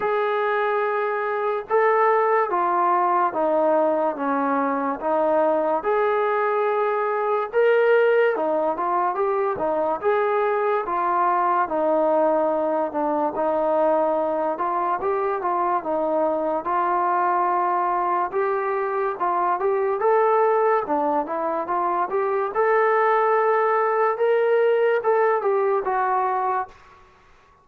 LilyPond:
\new Staff \with { instrumentName = "trombone" } { \time 4/4 \tempo 4 = 72 gis'2 a'4 f'4 | dis'4 cis'4 dis'4 gis'4~ | gis'4 ais'4 dis'8 f'8 g'8 dis'8 | gis'4 f'4 dis'4. d'8 |
dis'4. f'8 g'8 f'8 dis'4 | f'2 g'4 f'8 g'8 | a'4 d'8 e'8 f'8 g'8 a'4~ | a'4 ais'4 a'8 g'8 fis'4 | }